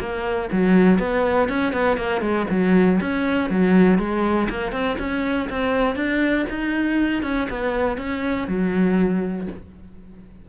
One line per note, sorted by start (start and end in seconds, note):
0.00 0.50 A#3
0.52 0.99 F#3
0.99 1.49 B3
1.49 1.73 C#4
1.73 1.97 B3
1.97 2.21 A#3
2.21 2.46 G#3
2.50 3.00 F#3
3.01 3.50 C#4
3.50 3.99 F#3
3.99 4.49 G#3
4.50 4.72 A#3
4.72 4.97 C4
4.99 5.49 C#4
5.50 5.96 C4
5.96 6.46 D4
6.50 7.23 D#4
7.23 7.48 C#4
7.50 7.98 B3
7.98 8.48 C#4
8.48 9.48 F#3